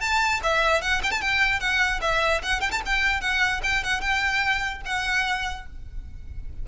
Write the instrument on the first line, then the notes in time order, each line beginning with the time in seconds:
violin
0.00 A5
0.43 E5
0.81 F#5
1.03 G5
1.11 A5
1.21 G5
1.60 F#5
2.01 E5
2.43 F#5
2.61 G5
2.71 A5
2.85 G5
3.20 F#5
3.63 G5
3.83 F#5
4.01 G5
4.85 F#5